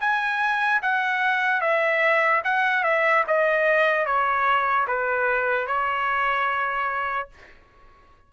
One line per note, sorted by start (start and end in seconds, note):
0.00 0.81 G#5
0.82 1.61 F#5
1.61 2.42 E5
2.44 2.83 F#5
2.83 3.24 E5
3.27 4.05 D#5
4.05 4.86 C#5
4.87 5.66 B4
5.66 7.29 C#5